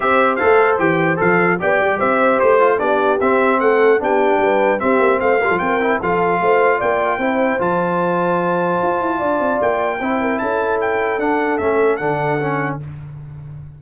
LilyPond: <<
  \new Staff \with { instrumentName = "trumpet" } { \time 4/4 \tempo 4 = 150 e''4 f''4 g''4 f''4 | g''4 e''4 c''4 d''4 | e''4 fis''4 g''2 | e''4 f''4 g''4 f''4~ |
f''4 g''2 a''4~ | a''1 | g''2 a''4 g''4 | fis''4 e''4 fis''2 | }
  \new Staff \with { instrumentName = "horn" } { \time 4/4 c''1 | d''4 c''2 g'4~ | g'4 a'4 g'4 b'4 | g'4 c''8 ais'16 a'16 ais'4 a'4 |
c''4 d''4 c''2~ | c''2. d''4~ | d''4 c''8 ais'8 a'2~ | a'1 | }
  \new Staff \with { instrumentName = "trombone" } { \time 4/4 g'4 a'4 g'4 a'4 | g'2~ g'8 f'8 d'4 | c'2 d'2 | c'4. f'4 e'8 f'4~ |
f'2 e'4 f'4~ | f'1~ | f'4 e'2. | d'4 cis'4 d'4 cis'4 | }
  \new Staff \with { instrumentName = "tuba" } { \time 4/4 c'4 a4 e4 f4 | b8 g8 c'4 a4 b4 | c'4 a4 b4 g4 | c'8 ais8 a8 g16 f16 c'4 f4 |
a4 ais4 c'4 f4~ | f2 f'8 e'8 d'8 c'8 | ais4 c'4 cis'2 | d'4 a4 d2 | }
>>